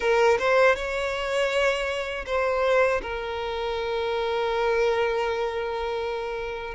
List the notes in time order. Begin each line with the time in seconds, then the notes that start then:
0.00 A#4
0.38 C5
0.75 C#5
2.26 C5
3.01 A#4